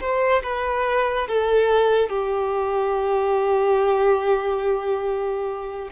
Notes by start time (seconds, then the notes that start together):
0.00 C5
0.43 B4
1.28 A4
2.09 G4